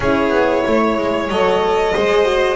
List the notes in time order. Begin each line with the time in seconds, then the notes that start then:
0.00 C#4 E4 G#4 C#5
0.29 B3
0.65 A3 C#5
0.98 G#3
1.28 F#3 A4 D#5
1.93 G#3 G#4 C5
2.24 F#4